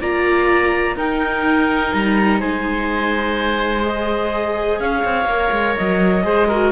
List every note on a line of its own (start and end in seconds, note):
0.00 0.96 A#3
0.00 0.97 F4
0.00 0.97 D5
0.00 0.97 A#5
0.96 1.92 D#4
0.96 3.82 D#4
0.96 2.40 A#4
0.96 1.93 G5
1.93 2.41 G3
1.93 2.40 A#5
2.40 4.79 G#3
2.40 4.80 C5
2.40 3.84 G#5
3.82 5.26 G#4
3.82 4.79 D#5
4.79 5.04 C#4
4.79 6.25 C#5
4.79 5.75 F5
5.04 5.25 C4
5.25 5.50 A#3
5.25 6.23 A#4
5.52 5.76 G#3
5.76 6.24 F#3
5.76 6.72 D#5
6.23 6.72 G#3
6.23 6.47 G#4
6.23 6.48 C5
6.48 6.72 F#4
6.48 6.72 A#4